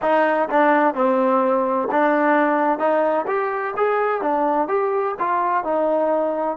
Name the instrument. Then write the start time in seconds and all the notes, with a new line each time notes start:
trombone
0.02 D#4
0.49 D4
0.94 C4
1.90 D4
2.78 D#4
3.27 G4
3.77 G#4
4.21 D4
4.68 G4
5.19 F4
5.63 D#4